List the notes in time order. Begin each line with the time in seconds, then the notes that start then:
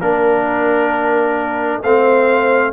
0.00 A#3 D4 A#4
1.83 A3 C4 C5 F5